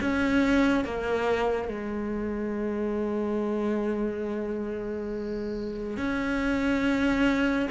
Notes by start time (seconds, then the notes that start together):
0.00 C#4
0.84 A#3
1.68 G#3
5.96 C#4